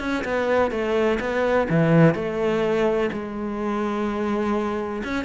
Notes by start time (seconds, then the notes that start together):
0.00 C#4
0.25 B3
0.71 A3
1.20 B3
1.70 E3
2.15 A3
3.13 G#3
5.05 C#4